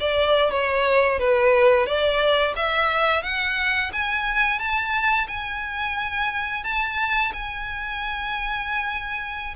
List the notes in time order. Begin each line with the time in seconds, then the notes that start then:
0.00 D5
0.51 C#5
1.20 B4
1.86 D5
2.56 E5
3.23 F#5
3.93 G#5
4.59 A5
5.28 G#5
6.64 A5
7.33 G#5